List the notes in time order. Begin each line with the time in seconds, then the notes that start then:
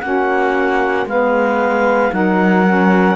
0.00 A#3 C#4 F#4 F#5
1.05 G#3 B3 B4 F5
2.12 F#3 D#4 A#4 F#5
2.66 C#4